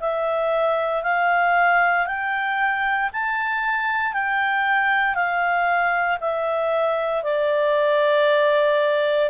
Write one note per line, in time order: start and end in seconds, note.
0.00 1.03 E5
1.03 2.06 F5
2.07 3.10 G5
3.13 4.13 A5
4.13 5.15 G5
5.15 6.18 F5
6.21 7.24 E5
7.24 9.30 D5